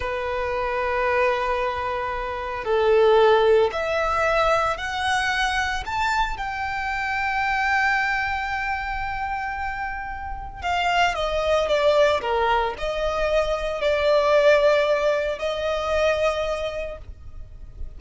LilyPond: \new Staff \with { instrumentName = "violin" } { \time 4/4 \tempo 4 = 113 b'1~ | b'4 a'2 e''4~ | e''4 fis''2 a''4 | g''1~ |
g''1 | f''4 dis''4 d''4 ais'4 | dis''2 d''2~ | d''4 dis''2. | }